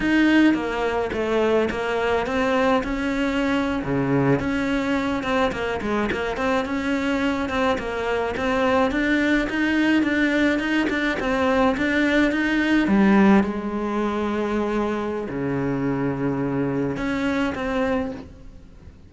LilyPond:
\new Staff \with { instrumentName = "cello" } { \time 4/4 \tempo 4 = 106 dis'4 ais4 a4 ais4 | c'4 cis'4.~ cis'16 cis4 cis'16~ | cis'4~ cis'16 c'8 ais8 gis8 ais8 c'8 cis'16~ | cis'4~ cis'16 c'8 ais4 c'4 d'16~ |
d'8. dis'4 d'4 dis'8 d'8 c'16~ | c'8. d'4 dis'4 g4 gis16~ | gis2. cis4~ | cis2 cis'4 c'4 | }